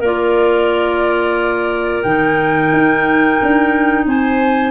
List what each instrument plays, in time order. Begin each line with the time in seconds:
0.00 tuba A#3, clarinet F4 A#4, flute D5
2.03 tuba D#3, clarinet D#4, flute G5
2.73 tuba D#4
3.43 tuba D4
4.07 tuba C4, clarinet C5, flute G#5